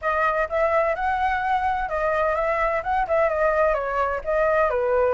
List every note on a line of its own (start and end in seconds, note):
0.01 0.48 D#5
0.49 0.95 E5
0.95 1.88 F#5
1.88 2.35 D#5
2.35 2.82 E5
2.83 3.06 F#5
3.07 3.29 E5
3.29 3.74 D#5
3.74 4.21 C#5
4.24 4.69 D#5
4.69 5.14 B4